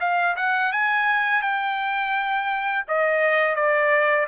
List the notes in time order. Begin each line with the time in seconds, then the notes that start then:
0.00 F5
0.36 F#5
0.72 G#5
1.42 G5
2.88 D#5
3.55 D5